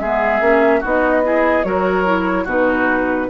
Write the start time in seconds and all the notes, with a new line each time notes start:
0.00 G#3 B3 G#4 E5
0.41 A#3 C#4
0.80 B3 D#4 F#4
0.87 D#5
1.24 E4 G#4
1.64 F#3 F#4 A#4 C#5
2.05 E4
2.44 B2 D#4 F#4 B4